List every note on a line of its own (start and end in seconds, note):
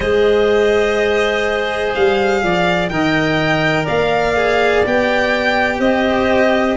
0.00 1.93 G#3
0.00 2.90 G#4
0.00 2.42 C5
0.00 1.93 D#5
1.94 2.43 G3
1.94 2.89 F5
2.42 2.89 F3
2.42 2.91 D5
2.89 3.85 D#3
2.89 4.36 A#4
2.89 3.83 D#5
2.89 3.85 G5
3.83 4.85 A#3
3.83 5.77 D5
3.83 4.84 F5
4.36 4.84 G#4
4.85 5.79 B3
4.85 6.77 G4
4.85 5.80 G5
5.78 6.76 C4
5.78 6.75 C5
5.78 6.77 D#5